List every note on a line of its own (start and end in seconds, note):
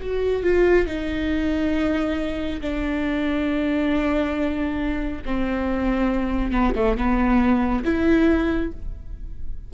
0.00 0.43 F#4
0.43 0.86 F4
0.86 2.60 D#4
2.60 5.21 D4
5.25 6.51 C4
6.51 6.73 B3
6.75 6.96 A3
6.96 7.83 B3
7.84 8.71 E4